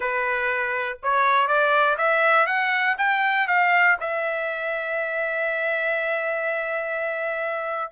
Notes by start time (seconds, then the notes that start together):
0.00 B4
1.03 C#5
1.47 D5
1.97 E5
2.46 F#5
2.98 G5
3.47 F5
4.00 E5